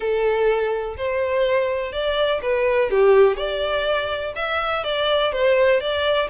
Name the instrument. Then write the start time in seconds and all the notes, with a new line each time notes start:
violin
0.00 A4
0.96 C5
1.92 D5
2.42 B4
2.90 G4
3.37 D5
4.35 E5
4.84 D5
5.32 C5
5.80 D5